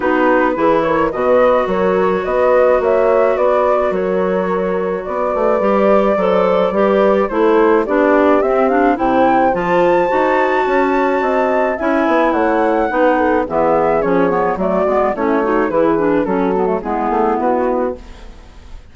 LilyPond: <<
  \new Staff \with { instrumentName = "flute" } { \time 4/4 \tempo 4 = 107 b'4. cis''8 dis''4 cis''4 | dis''4 e''4 d''4 cis''4~ | cis''4 d''2.~ | d''4 c''4 d''4 e''8 f''8 |
g''4 a''2.~ | a''4 gis''4 fis''2 | e''4 cis''4 d''4 cis''4 | b'4 a'4 gis'4 fis'4 | }
  \new Staff \with { instrumentName = "horn" } { \time 4/4 fis'4 gis'8 ais'8 b'4 ais'4 | b'4 cis''4 b'4 ais'4~ | ais'4 b'2 c''4 | b'4 a'4 g'2 |
c''2. cis''4 | dis''4 e''4 cis''4 b'8 a'8 | gis'2 fis'4 e'8 fis'8 | gis'4 fis'4 e'2 | }
  \new Staff \with { instrumentName = "clarinet" } { \time 4/4 dis'4 e'4 fis'2~ | fis'1~ | fis'2 g'4 a'4 | g'4 e'4 d'4 c'8 d'8 |
e'4 f'4 fis'2~ | fis'4 e'2 dis'4 | b4 cis'8 b8 a8 b8 cis'8 dis'8 | e'8 d'8 cis'8 b16 a16 b2 | }
  \new Staff \with { instrumentName = "bassoon" } { \time 4/4 b4 e4 b,4 fis4 | b4 ais4 b4 fis4~ | fis4 b8 a8 g4 fis4 | g4 a4 b4 c'4 |
c4 f4 dis'4 cis'4 | c'4 cis'8 b8 a4 b4 | e4 f4 fis8 gis8 a4 | e4 fis4 gis8 a8 b4 | }
>>